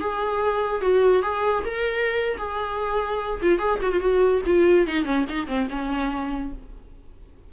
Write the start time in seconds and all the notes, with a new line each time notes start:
0.00 G#4
0.81 F#4
1.22 G#4
1.65 A#4
2.38 G#4
3.42 F4
3.58 G#4
3.82 F#4
3.92 F4
4.00 F#4
4.46 F4
4.87 D#4
5.05 C#4
5.29 D#4
5.47 C4
5.70 C#4